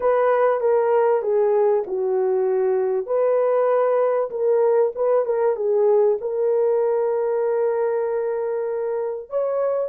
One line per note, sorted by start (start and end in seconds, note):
0.00 0.60 B4
0.60 1.21 A#4
1.21 1.83 G#4
1.86 3.06 F#4
3.06 4.30 B4
4.30 4.92 A#4
4.95 5.25 B4
5.25 5.56 A#4
5.56 6.17 G#4
6.20 9.30 A#4
9.30 9.88 C#5